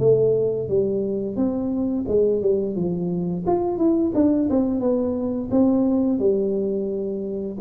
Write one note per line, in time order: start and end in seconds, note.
0.00 0.69 A3
0.69 1.36 G3
1.36 2.05 C4
2.08 2.42 G#3
2.42 2.76 G3
2.76 3.45 F3
3.47 3.78 F4
3.78 4.12 E4
4.15 4.49 D4
4.50 4.81 C4
4.81 5.50 B3
5.51 6.19 C4
6.19 7.57 G3